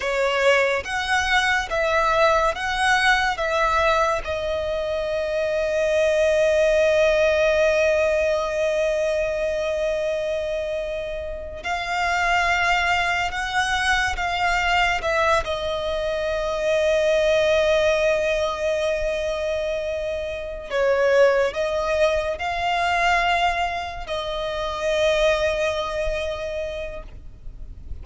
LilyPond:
\new Staff \with { instrumentName = "violin" } { \time 4/4 \tempo 4 = 71 cis''4 fis''4 e''4 fis''4 | e''4 dis''2.~ | dis''1~ | dis''4.~ dis''16 f''2 fis''16~ |
fis''8. f''4 e''8 dis''4.~ dis''16~ | dis''1~ | dis''8 cis''4 dis''4 f''4.~ | f''8 dis''2.~ dis''8 | }